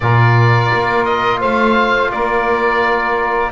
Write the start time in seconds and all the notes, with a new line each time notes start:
0.00 A#2 F4 A#4 D5
0.73 A#3
1.04 D#5
1.39 A3 C5 F5
2.11 A#3 A#4 D5